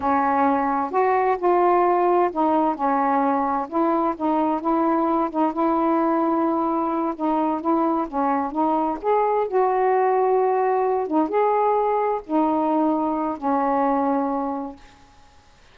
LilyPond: \new Staff \with { instrumentName = "saxophone" } { \time 4/4 \tempo 4 = 130 cis'2 fis'4 f'4~ | f'4 dis'4 cis'2 | e'4 dis'4 e'4. dis'8 | e'2.~ e'8 dis'8~ |
dis'8 e'4 cis'4 dis'4 gis'8~ | gis'8 fis'2.~ fis'8 | dis'8 gis'2 dis'4.~ | dis'4 cis'2. | }